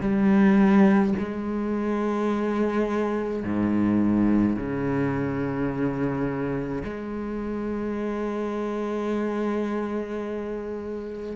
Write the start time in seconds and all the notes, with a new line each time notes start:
0.00 G3
1.18 G#3
3.43 G#2
4.56 C#3
6.84 G#3